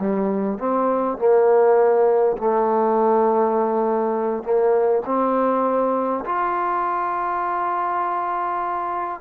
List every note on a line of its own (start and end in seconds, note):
0.00 0.59 G3
0.59 1.18 C4
1.18 2.37 A#3
2.38 4.43 A3
4.43 5.03 A#3
5.06 6.25 C4
6.26 9.21 F4